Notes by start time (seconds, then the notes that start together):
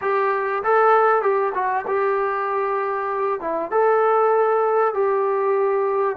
0.01 G4
0.63 A4
1.22 G4
1.54 F#4
1.87 G4
3.40 E4
3.71 A4
4.93 G4